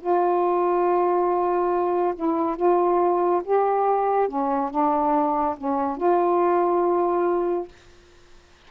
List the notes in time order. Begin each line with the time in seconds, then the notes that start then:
0.00 F4
2.15 E4
2.56 F4
3.44 G4
4.28 C#4
4.70 D4
5.58 C#4
5.97 F4